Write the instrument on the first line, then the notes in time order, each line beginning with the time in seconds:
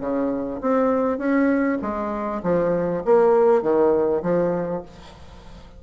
bassoon
0.00 C#3
0.61 C4
1.18 C#4
1.82 G#3
2.43 F3
3.05 A#3
3.62 D#3
4.23 F3